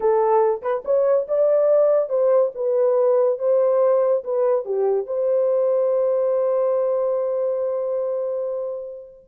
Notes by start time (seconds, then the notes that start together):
0.00 A4
0.62 B4
0.85 C#5
1.28 D5
2.09 C5
2.54 B4
3.38 C5
4.24 B4
4.65 G4
5.06 C5